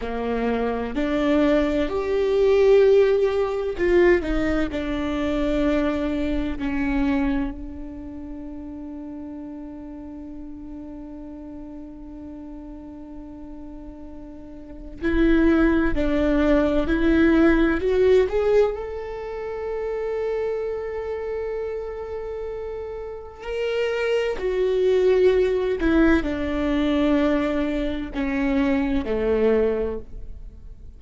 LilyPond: \new Staff \with { instrumentName = "viola" } { \time 4/4 \tempo 4 = 64 ais4 d'4 g'2 | f'8 dis'8 d'2 cis'4 | d'1~ | d'1 |
e'4 d'4 e'4 fis'8 gis'8 | a'1~ | a'4 ais'4 fis'4. e'8 | d'2 cis'4 a4 | }